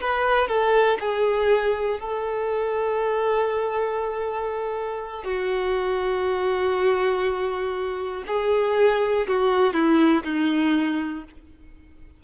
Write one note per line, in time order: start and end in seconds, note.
0.00 0.47 B4
0.47 0.97 A4
1.00 2.00 G#4
2.00 5.24 A4
5.24 8.24 F#4
8.27 9.27 G#4
9.27 9.73 F#4
9.73 10.23 E4
10.23 11.23 D#4